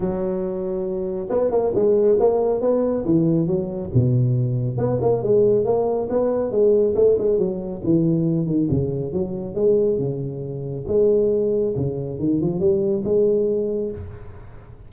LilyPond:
\new Staff \with { instrumentName = "tuba" } { \time 4/4 \tempo 4 = 138 fis2. b8 ais8 | gis4 ais4 b4 e4 | fis4 b,2 b8 ais8 | gis4 ais4 b4 gis4 |
a8 gis8 fis4 e4. dis8 | cis4 fis4 gis4 cis4~ | cis4 gis2 cis4 | dis8 f8 g4 gis2 | }